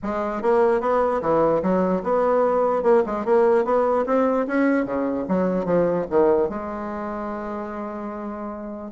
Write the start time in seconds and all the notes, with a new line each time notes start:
0.02 G#3
0.42 A#3
0.80 B3
1.21 E3
1.62 F#3
2.03 B3
2.82 A#3
3.06 G#3
3.25 A#3
3.64 B3
4.06 C4
4.47 C#4
4.85 C#3
5.28 F#3
5.65 F3
6.10 D#3
6.49 G#3